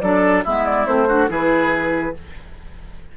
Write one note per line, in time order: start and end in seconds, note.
0.00 0.44 F#3
0.00 0.45 D4
0.00 0.44 A4
0.00 0.43 D5
0.44 0.87 G#3
0.44 0.86 B3
0.44 1.08 E4
0.44 0.65 E5
0.65 0.86 D5
0.86 1.29 A3
0.86 1.07 C4
0.86 1.29 C5
1.08 1.29 D4
1.08 1.30 F#4
1.29 2.14 E3
1.29 2.14 E4
1.29 2.15 G#4
1.29 2.17 B4